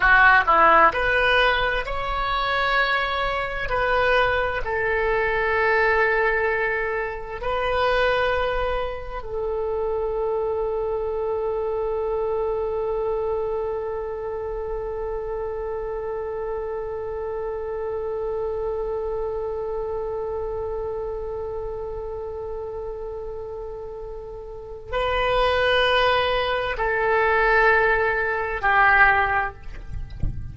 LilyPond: \new Staff \with { instrumentName = "oboe" } { \time 4/4 \tempo 4 = 65 fis'8 e'8 b'4 cis''2 | b'4 a'2. | b'2 a'2~ | a'1~ |
a'1~ | a'1~ | a'2. b'4~ | b'4 a'2 g'4 | }